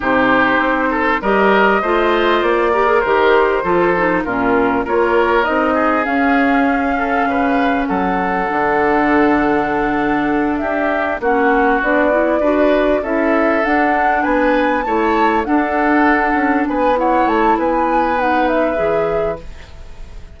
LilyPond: <<
  \new Staff \with { instrumentName = "flute" } { \time 4/4 \tempo 4 = 99 c''2 dis''2 | d''4 c''2 ais'4 | cis''4 dis''4 f''2~ | f''4 fis''2.~ |
fis''4. e''4 fis''4 d''8~ | d''4. e''4 fis''4 gis''8~ | gis''8 a''4 fis''2 gis''8 | fis''8 a''8 gis''4 fis''8 e''4. | }
  \new Staff \with { instrumentName = "oboe" } { \time 4/4 g'4. a'8 ais'4 c''4~ | c''8 ais'4. a'4 f'4 | ais'4. gis'2 a'8 | b'4 a'2.~ |
a'4. g'4 fis'4.~ | fis'8 b'4 a'2 b'8~ | b'8 cis''4 a'2 b'8 | cis''4 b'2. | }
  \new Staff \with { instrumentName = "clarinet" } { \time 4/4 dis'2 g'4 f'4~ | f'8 g'16 gis'16 g'4 f'8 dis'8 cis'4 | f'4 dis'4 cis'2~ | cis'2 d'2~ |
d'2~ d'8 cis'4 d'8 | e'8 fis'4 e'4 d'4.~ | d'8 e'4 d'2~ d'8 | e'2 dis'4 gis'4 | }
  \new Staff \with { instrumentName = "bassoon" } { \time 4/4 c4 c'4 g4 a4 | ais4 dis4 f4 ais,4 | ais4 c'4 cis'2 | cis4 fis4 d2~ |
d4. d'4 ais4 b8~ | b8 d'4 cis'4 d'4 b8~ | b8 a4 d'4. cis'8 b8~ | b8 a8 b2 e4 | }
>>